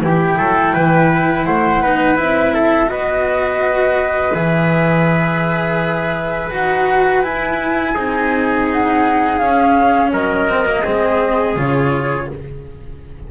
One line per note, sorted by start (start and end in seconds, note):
0.00 0.36 E3
0.00 1.83 E4
0.00 0.38 G4
0.00 1.44 G5
0.37 0.73 F#3
0.37 0.73 A4
0.73 1.47 E3
0.73 1.45 B4
1.44 1.83 A3
1.44 1.82 C5
1.44 2.16 F#5
1.82 2.18 B3
1.82 2.15 D#4
1.82 2.53 B4
2.15 2.89 C4
2.15 2.86 E4
2.15 2.89 E5
2.53 2.89 A4
2.86 4.33 B3
2.86 4.30 F#4
2.86 7.94 B4
2.86 4.34 D#5
4.33 6.50 E3
4.33 6.50 G#4
4.33 6.50 E5
6.50 7.24 D#4
6.50 7.23 F#4
6.50 7.22 F#5
7.22 7.95 E4
7.22 7.94 E4
7.22 8.66 G#5
7.94 9.38 C4
7.94 9.41 D#4
7.94 10.11 G#4
8.72 9.38 F#5
9.38 10.10 C#4
9.38 10.48 C#4
9.38 10.10 F5
10.10 10.83 F#3
10.10 10.82 A#4
10.10 11.57 D#5
10.48 10.65 C4
10.65 10.83 A#3
10.82 11.56 G#3
10.82 11.56 C4
10.82 12.27 G#4
11.56 12.28 C#3
11.56 12.28 F4
11.56 12.31 C#5